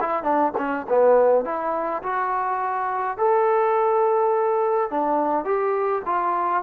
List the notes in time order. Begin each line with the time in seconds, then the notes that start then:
0.00 E4
0.23 D4
0.57 C#4
0.88 B3
1.44 E4
2.02 F#4
3.17 A4
4.90 D4
5.45 G4
6.05 F4